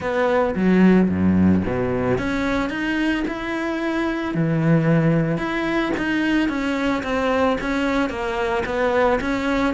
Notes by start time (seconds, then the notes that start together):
0.00 B3
0.55 F#3
1.09 F#2
1.66 B2
2.17 C#4
2.69 D#4
3.27 E4
4.34 E3
5.37 E4
5.97 D#4
6.48 C#4
7.03 C4
7.61 C#4
8.09 A#3
8.65 B3
9.20 C#4